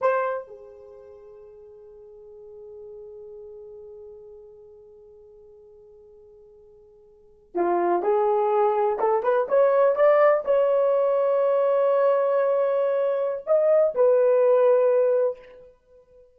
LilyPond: \new Staff \with { instrumentName = "horn" } { \time 4/4 \tempo 4 = 125 c''4 gis'2.~ | gis'1~ | gis'1~ | gis'2.~ gis'8. f'16~ |
f'8. gis'2 a'8 b'8 cis''16~ | cis''8. d''4 cis''2~ cis''16~ | cis''1 | dis''4 b'2. | }